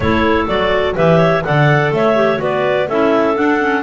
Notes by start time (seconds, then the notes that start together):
0.00 A3 E4 A4 C#5
0.47 F#3 F#4 D5
0.95 E3 G4 B4 E5
1.18 C#5
1.43 D3 A4 D5 F#5
1.91 A3 C#5 E5
2.15 G4
2.37 B3 F#4 B4 D5
2.88 C#4 E4 A4 E5
3.34 D4 F#5
3.59 C#4